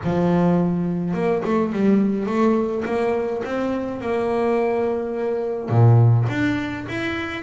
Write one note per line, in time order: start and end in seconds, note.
0.03 1.14 F3
1.14 1.42 A#3
1.44 1.72 A3
1.72 2.26 G3
2.26 2.83 A3
2.85 3.42 A#3
3.44 4.01 C4
4.01 5.69 A#3
5.69 6.26 A#2
6.29 6.86 D4
6.88 7.42 E4